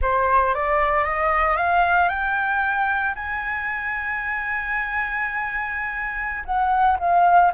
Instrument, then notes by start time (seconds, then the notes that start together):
flute
0.01 C5
0.54 D5
1.04 D#5
1.56 F5
2.09 G5
3.15 G#5
6.45 F#5
6.99 F5